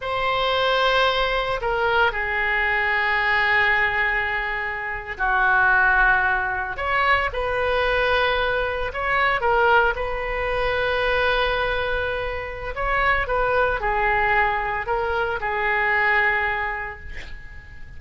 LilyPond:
\new Staff \with { instrumentName = "oboe" } { \time 4/4 \tempo 4 = 113 c''2. ais'4 | gis'1~ | gis'4.~ gis'16 fis'2~ fis'16~ | fis'8. cis''4 b'2~ b'16~ |
b'8. cis''4 ais'4 b'4~ b'16~ | b'1 | cis''4 b'4 gis'2 | ais'4 gis'2. | }